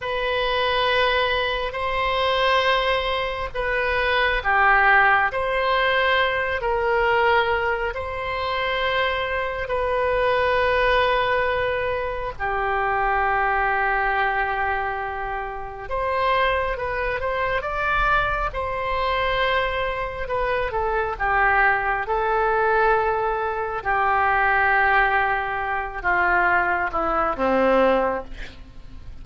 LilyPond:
\new Staff \with { instrumentName = "oboe" } { \time 4/4 \tempo 4 = 68 b'2 c''2 | b'4 g'4 c''4. ais'8~ | ais'4 c''2 b'4~ | b'2 g'2~ |
g'2 c''4 b'8 c''8 | d''4 c''2 b'8 a'8 | g'4 a'2 g'4~ | g'4. f'4 e'8 c'4 | }